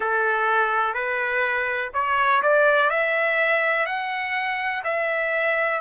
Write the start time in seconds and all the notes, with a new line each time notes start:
0.00 A4
0.94 B4
1.94 C#5
2.42 D5
2.89 E5
3.85 F#5
4.84 E5